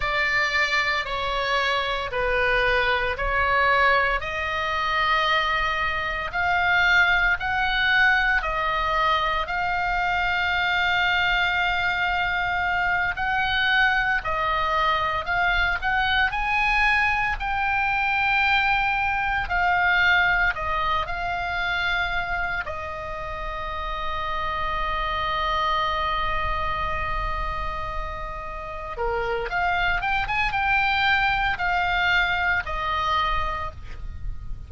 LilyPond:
\new Staff \with { instrumentName = "oboe" } { \time 4/4 \tempo 4 = 57 d''4 cis''4 b'4 cis''4 | dis''2 f''4 fis''4 | dis''4 f''2.~ | f''8 fis''4 dis''4 f''8 fis''8 gis''8~ |
gis''8 g''2 f''4 dis''8 | f''4. dis''2~ dis''8~ | dis''2.~ dis''8 ais'8 | f''8 g''16 gis''16 g''4 f''4 dis''4 | }